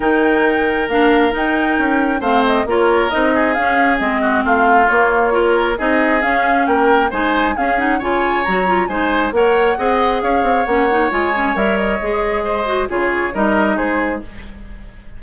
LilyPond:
<<
  \new Staff \with { instrumentName = "flute" } { \time 4/4 \tempo 4 = 135 g''2 f''4 g''4~ | g''4 f''8 dis''8 cis''4 dis''4 | f''4 dis''4 f''4 cis''4~ | cis''4 dis''4 f''4 g''4 |
gis''4 f''8 fis''8 gis''4 ais''4 | gis''4 fis''2 f''4 | fis''4 gis''4 e''8 dis''4.~ | dis''4 cis''4 dis''4 c''4 | }
  \new Staff \with { instrumentName = "oboe" } { \time 4/4 ais'1~ | ais'4 c''4 ais'4. gis'8~ | gis'4. fis'8 f'2 | ais'4 gis'2 ais'4 |
c''4 gis'4 cis''2 | c''4 cis''4 dis''4 cis''4~ | cis''1 | c''4 gis'4 ais'4 gis'4 | }
  \new Staff \with { instrumentName = "clarinet" } { \time 4/4 dis'2 d'4 dis'4~ | dis'4 c'4 f'4 dis'4 | cis'4 c'2 ais4 | f'4 dis'4 cis'2 |
dis'4 cis'8 dis'8 f'4 fis'8 f'8 | dis'4 ais'4 gis'2 | cis'8 dis'8 f'8 cis'8 ais'4 gis'4~ | gis'8 fis'8 f'4 dis'2 | }
  \new Staff \with { instrumentName = "bassoon" } { \time 4/4 dis2 ais4 dis'4 | cis'4 a4 ais4 c'4 | cis'4 gis4 a4 ais4~ | ais4 c'4 cis'4 ais4 |
gis4 cis'4 cis4 fis4 | gis4 ais4 c'4 cis'8 c'8 | ais4 gis4 g4 gis4~ | gis4 cis4 g4 gis4 | }
>>